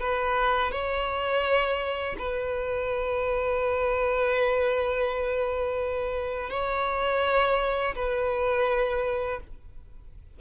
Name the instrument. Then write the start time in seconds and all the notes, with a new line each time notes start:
violin
0.00 B4
0.72 C#5
2.19 B4
6.50 C#5
7.96 B4